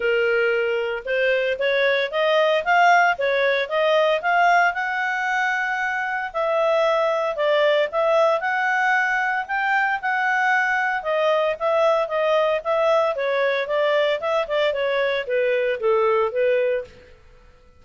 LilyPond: \new Staff \with { instrumentName = "clarinet" } { \time 4/4 \tempo 4 = 114 ais'2 c''4 cis''4 | dis''4 f''4 cis''4 dis''4 | f''4 fis''2. | e''2 d''4 e''4 |
fis''2 g''4 fis''4~ | fis''4 dis''4 e''4 dis''4 | e''4 cis''4 d''4 e''8 d''8 | cis''4 b'4 a'4 b'4 | }